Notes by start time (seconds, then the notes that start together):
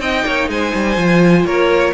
0.00 C4 D#4 D#5 G5
0.26 A#3 C#5
0.49 G#3 C5 G#5
0.74 G3
0.97 F3 F4
1.45 A#3 A#4 C#5